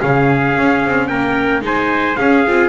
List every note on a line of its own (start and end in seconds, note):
0.00 0.57 C#3
0.00 1.62 C#4
0.00 1.08 G#4
0.00 1.07 F5
0.57 0.84 C#4
0.85 1.10 C4
1.07 1.62 A#3
1.07 1.63 A#4
1.07 1.61 G5
1.62 2.16 G#3
1.62 2.16 D#4
1.62 2.19 C5
1.62 2.16 G#5
2.16 2.45 C#4
2.16 2.47 C#4
2.16 2.69 G#4
2.16 2.69 F5
2.47 2.69 C4
2.47 2.69 F4